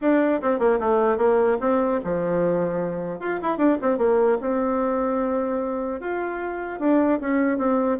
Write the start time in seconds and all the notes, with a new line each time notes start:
0.01 D4
0.41 C4
0.59 A#3
0.79 A3
1.17 A#3
1.60 C4
2.03 F3
3.19 F4
3.42 E4
3.57 D4
3.81 C4
3.97 A#3
4.41 C4
6.00 F4
6.79 D4
7.20 C#4
7.58 C4